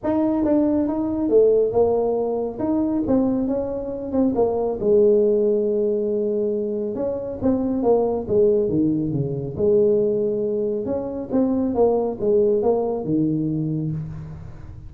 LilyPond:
\new Staff \with { instrumentName = "tuba" } { \time 4/4 \tempo 4 = 138 dis'4 d'4 dis'4 a4 | ais2 dis'4 c'4 | cis'4. c'8 ais4 gis4~ | gis1 |
cis'4 c'4 ais4 gis4 | dis4 cis4 gis2~ | gis4 cis'4 c'4 ais4 | gis4 ais4 dis2 | }